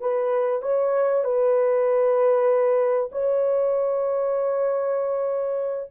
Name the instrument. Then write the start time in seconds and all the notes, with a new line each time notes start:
horn
0.00 B4
0.62 C#5
1.24 B4
3.12 C#5